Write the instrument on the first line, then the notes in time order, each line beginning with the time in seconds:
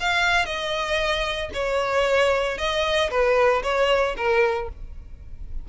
violin
0.00 F5
0.46 D#5
1.54 C#5
2.58 D#5
3.10 B4
3.63 C#5
4.17 A#4